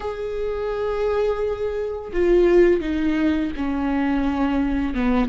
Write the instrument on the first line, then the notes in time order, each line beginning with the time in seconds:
viola
0.00 G#4
2.12 F4
2.80 D#4
3.56 C#4
4.94 B3